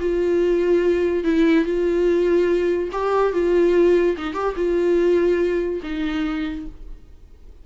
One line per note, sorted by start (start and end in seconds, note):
0.00 1.24 F4
1.24 1.65 E4
1.65 2.90 F4
2.92 3.33 G4
3.33 4.16 F4
4.17 4.34 D#4
4.34 4.54 G4
4.56 5.81 F4
5.83 6.66 D#4